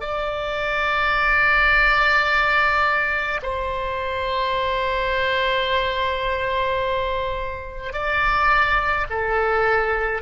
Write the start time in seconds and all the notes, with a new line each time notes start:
0.00 D5
3.42 C5
7.92 D5
9.09 A4